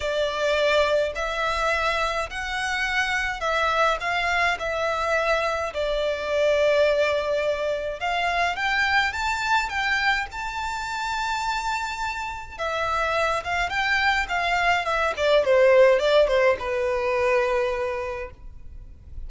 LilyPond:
\new Staff \with { instrumentName = "violin" } { \time 4/4 \tempo 4 = 105 d''2 e''2 | fis''2 e''4 f''4 | e''2 d''2~ | d''2 f''4 g''4 |
a''4 g''4 a''2~ | a''2 e''4. f''8 | g''4 f''4 e''8 d''8 c''4 | d''8 c''8 b'2. | }